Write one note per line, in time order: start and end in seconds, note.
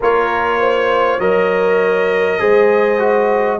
0.00 1.19 A#3
0.00 1.20 F4
0.00 0.59 A#4
0.00 1.20 C#5
0.59 1.19 C5
1.19 2.39 F#3
1.19 2.39 A#4
1.19 2.39 C#5
1.19 3.59 D#5
2.39 3.59 G#3
2.39 2.98 G#4
2.39 3.59 C5
2.98 3.58 F#4